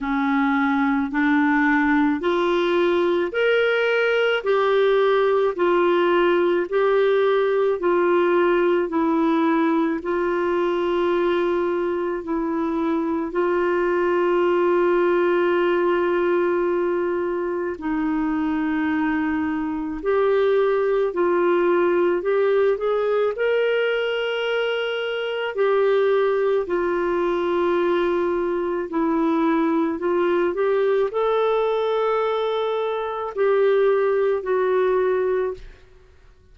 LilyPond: \new Staff \with { instrumentName = "clarinet" } { \time 4/4 \tempo 4 = 54 cis'4 d'4 f'4 ais'4 | g'4 f'4 g'4 f'4 | e'4 f'2 e'4 | f'1 |
dis'2 g'4 f'4 | g'8 gis'8 ais'2 g'4 | f'2 e'4 f'8 g'8 | a'2 g'4 fis'4 | }